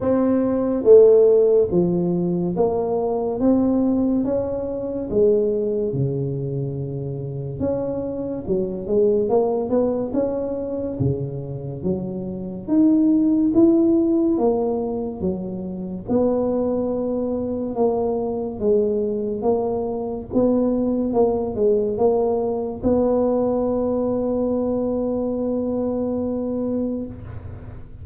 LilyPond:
\new Staff \with { instrumentName = "tuba" } { \time 4/4 \tempo 4 = 71 c'4 a4 f4 ais4 | c'4 cis'4 gis4 cis4~ | cis4 cis'4 fis8 gis8 ais8 b8 | cis'4 cis4 fis4 dis'4 |
e'4 ais4 fis4 b4~ | b4 ais4 gis4 ais4 | b4 ais8 gis8 ais4 b4~ | b1 | }